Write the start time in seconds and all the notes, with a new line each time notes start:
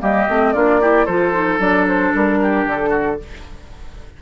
0.00 G3 A#3 G4 D#5
0.28 A3 C4
0.53 A#3 D4 F4 D5
0.81 E4 G4
1.06 F3 F4 A4 C5
1.33 D#4
1.59 F#3 D4 D5
1.87 C5
2.14 G3 A#4
2.42 G4
2.65 D3 A4
2.89 F#4